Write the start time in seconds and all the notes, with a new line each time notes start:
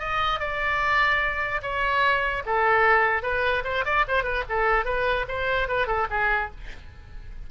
0.00 D#5
0.40 D5
1.63 C#5
2.46 A4
3.23 B4
3.65 C5
3.86 D5
4.08 C5
4.24 B4
4.49 A4
4.86 B4
5.29 C5
5.69 B4
5.87 A4
6.11 G#4